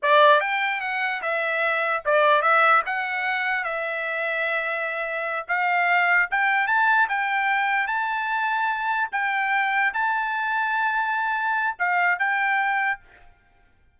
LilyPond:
\new Staff \with { instrumentName = "trumpet" } { \time 4/4 \tempo 4 = 148 d''4 g''4 fis''4 e''4~ | e''4 d''4 e''4 fis''4~ | fis''4 e''2.~ | e''4. f''2 g''8~ |
g''8 a''4 g''2 a''8~ | a''2~ a''8 g''4.~ | g''8 a''2.~ a''8~ | a''4 f''4 g''2 | }